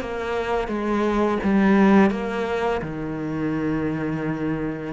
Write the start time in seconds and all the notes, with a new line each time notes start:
0.00 A#3
0.67 G#3
1.43 G3
2.10 A#3
2.81 D#3